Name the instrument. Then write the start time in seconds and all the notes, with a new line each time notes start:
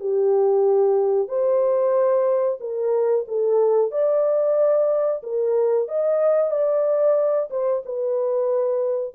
horn
0.00 G4
1.28 C5
2.61 A#4
3.28 A4
3.92 D5
5.23 A#4
5.88 D#5
6.52 D5
7.51 C5
7.86 B4